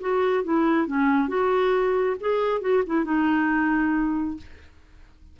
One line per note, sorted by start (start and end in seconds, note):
0.00 0.44 F#4
0.44 0.87 E4
0.87 1.28 C#4
1.28 2.16 F#4
2.20 2.61 G#4
2.61 2.83 F#4
2.86 3.04 E4
3.04 4.37 D#4